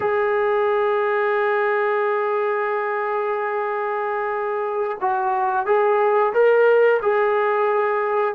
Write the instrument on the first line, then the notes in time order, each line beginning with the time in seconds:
trombone
0.00 G#4
5.00 F#4
5.66 G#4
6.33 A#4
7.02 G#4